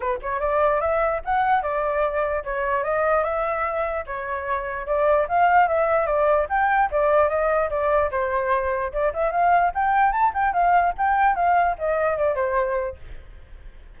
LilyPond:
\new Staff \with { instrumentName = "flute" } { \time 4/4 \tempo 4 = 148 b'8 cis''8 d''4 e''4 fis''4 | d''2 cis''4 dis''4 | e''2 cis''2 | d''4 f''4 e''4 d''4 |
g''4 d''4 dis''4 d''4 | c''2 d''8 e''8 f''4 | g''4 a''8 g''8 f''4 g''4 | f''4 dis''4 d''8 c''4. | }